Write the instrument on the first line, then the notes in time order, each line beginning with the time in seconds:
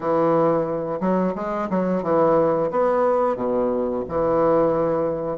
bassoon
0.00 E3
1.00 F#3
1.35 G#3
1.70 F#3
2.02 E3
2.70 B3
3.36 B2
4.08 E3